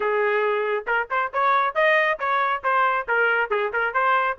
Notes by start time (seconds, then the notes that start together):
0.00 G#4
0.86 A#4
1.10 C5
1.33 C#5
1.75 D#5
2.19 C#5
2.63 C5
3.08 A#4
3.50 G#4
3.72 A#4
3.93 C5